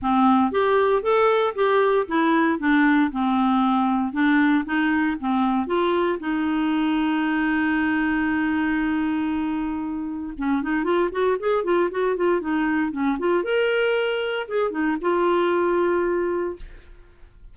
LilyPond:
\new Staff \with { instrumentName = "clarinet" } { \time 4/4 \tempo 4 = 116 c'4 g'4 a'4 g'4 | e'4 d'4 c'2 | d'4 dis'4 c'4 f'4 | dis'1~ |
dis'1 | cis'8 dis'8 f'8 fis'8 gis'8 f'8 fis'8 f'8 | dis'4 cis'8 f'8 ais'2 | gis'8 dis'8 f'2. | }